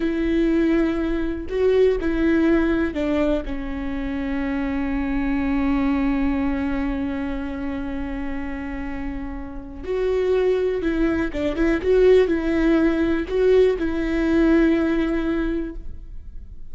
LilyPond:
\new Staff \with { instrumentName = "viola" } { \time 4/4 \tempo 4 = 122 e'2. fis'4 | e'2 d'4 cis'4~ | cis'1~ | cis'1~ |
cis'1 | fis'2 e'4 d'8 e'8 | fis'4 e'2 fis'4 | e'1 | }